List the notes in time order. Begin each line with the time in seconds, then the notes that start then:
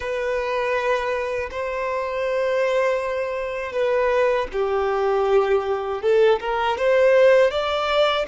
0.00 B4
1.50 C5
3.72 B4
4.52 G4
6.02 A4
6.40 A#4
6.77 C5
7.50 D5